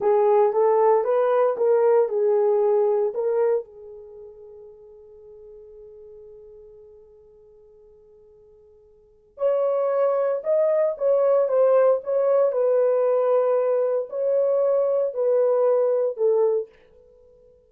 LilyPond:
\new Staff \with { instrumentName = "horn" } { \time 4/4 \tempo 4 = 115 gis'4 a'4 b'4 ais'4 | gis'2 ais'4 gis'4~ | gis'1~ | gis'1~ |
gis'2 cis''2 | dis''4 cis''4 c''4 cis''4 | b'2. cis''4~ | cis''4 b'2 a'4 | }